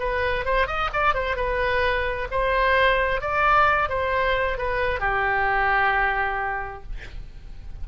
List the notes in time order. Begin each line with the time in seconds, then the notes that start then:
0.00 B4
0.45 C5
0.67 D#5
0.93 D5
1.15 C5
1.37 B4
2.31 C5
3.21 D5
3.89 C5
4.58 B4
5.00 G4